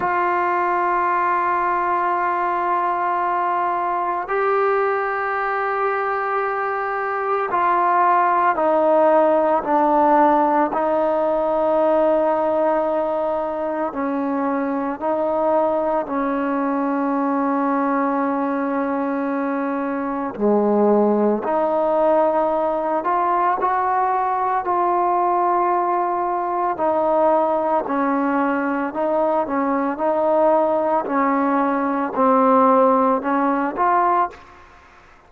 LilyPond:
\new Staff \with { instrumentName = "trombone" } { \time 4/4 \tempo 4 = 56 f'1 | g'2. f'4 | dis'4 d'4 dis'2~ | dis'4 cis'4 dis'4 cis'4~ |
cis'2. gis4 | dis'4. f'8 fis'4 f'4~ | f'4 dis'4 cis'4 dis'8 cis'8 | dis'4 cis'4 c'4 cis'8 f'8 | }